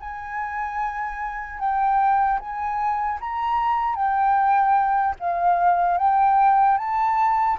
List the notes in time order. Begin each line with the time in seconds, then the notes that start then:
0.00 G#5
1.59 G5
2.39 G#5
3.20 A#5
3.95 G5
5.19 F5
5.97 G5
6.77 A5